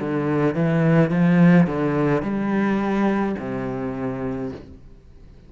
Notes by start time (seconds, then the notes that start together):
0.00 D3
0.55 E3
1.11 F3
1.67 D3
2.22 G3
3.39 C3